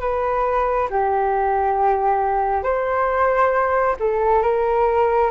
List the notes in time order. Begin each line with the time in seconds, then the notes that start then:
0.00 B4
0.90 G4
2.63 C5
3.99 A4
4.42 A#4